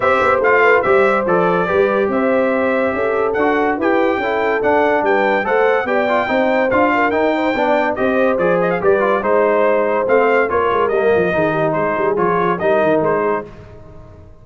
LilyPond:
<<
  \new Staff \with { instrumentName = "trumpet" } { \time 4/4 \tempo 4 = 143 e''4 f''4 e''4 d''4~ | d''4 e''2. | fis''4 g''2 fis''4 | g''4 fis''4 g''2 |
f''4 g''2 dis''4 | d''8 dis''16 f''16 d''4 c''2 | f''4 cis''4 dis''2 | c''4 cis''4 dis''4 c''4 | }
  \new Staff \with { instrumentName = "horn" } { \time 4/4 c''4. b'8 c''2 | b'4 c''2 a'4~ | a'4 b'4 a'2 | b'4 c''4 d''4 c''4~ |
c''8 ais'4 c''8 d''4 c''4~ | c''4 b'4 c''2~ | c''4 ais'2 gis'8 g'8 | gis'2 ais'4. gis'8 | }
  \new Staff \with { instrumentName = "trombone" } { \time 4/4 g'4 f'4 g'4 a'4 | g'1 | fis'4 g'4 e'4 d'4~ | d'4 a'4 g'8 f'8 dis'4 |
f'4 dis'4 d'4 g'4 | gis'4 g'8 f'8 dis'2 | c'4 f'4 ais4 dis'4~ | dis'4 f'4 dis'2 | }
  \new Staff \with { instrumentName = "tuba" } { \time 4/4 c'8 b8 a4 g4 f4 | g4 c'2 cis'4 | d'4 e'4 cis'4 d'4 | g4 a4 b4 c'4 |
d'4 dis'4 b4 c'4 | f4 g4 gis2 | a4 ais8 gis8 g8 f8 dis4 | gis8 g8 f4 g8 dis8 gis4 | }
>>